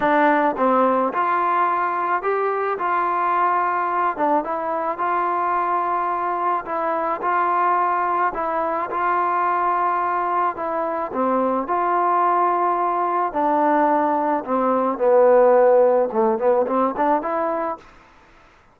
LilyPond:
\new Staff \with { instrumentName = "trombone" } { \time 4/4 \tempo 4 = 108 d'4 c'4 f'2 | g'4 f'2~ f'8 d'8 | e'4 f'2. | e'4 f'2 e'4 |
f'2. e'4 | c'4 f'2. | d'2 c'4 b4~ | b4 a8 b8 c'8 d'8 e'4 | }